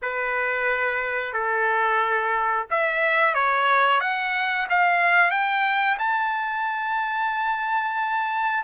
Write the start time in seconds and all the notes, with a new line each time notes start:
0.02 B4
1.33 A4
2.70 E5
3.34 C#5
4.00 F#5
4.69 F5
5.31 G5
5.98 A5